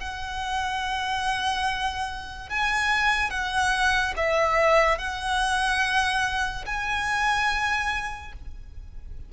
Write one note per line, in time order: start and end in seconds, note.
0.00 2.49 F#5
2.49 3.30 G#5
3.30 4.13 F#5
4.16 4.98 E5
4.98 6.65 F#5
6.66 8.32 G#5